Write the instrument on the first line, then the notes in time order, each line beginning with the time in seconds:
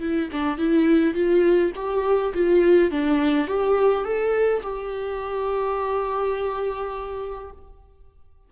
viola
0.00 E4
0.32 D4
0.58 E4
1.14 F4
1.75 G4
2.34 F4
2.91 D4
3.47 G4
4.04 A4
4.63 G4